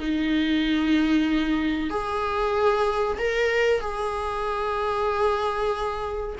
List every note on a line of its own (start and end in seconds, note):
0.00 1.91 D#4
1.91 3.18 G#4
3.19 3.81 A#4
3.81 6.36 G#4